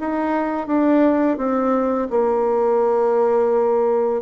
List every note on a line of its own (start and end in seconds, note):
0.00 0.67 D#4
0.67 1.38 D4
1.38 2.08 C4
2.10 4.22 A#3